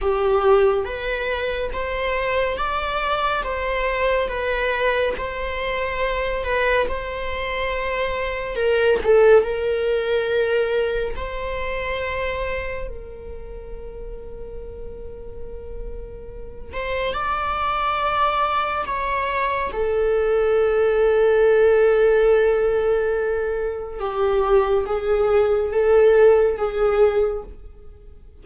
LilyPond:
\new Staff \with { instrumentName = "viola" } { \time 4/4 \tempo 4 = 70 g'4 b'4 c''4 d''4 | c''4 b'4 c''4. b'8 | c''2 ais'8 a'8 ais'4~ | ais'4 c''2 ais'4~ |
ais'2.~ ais'8 c''8 | d''2 cis''4 a'4~ | a'1 | g'4 gis'4 a'4 gis'4 | }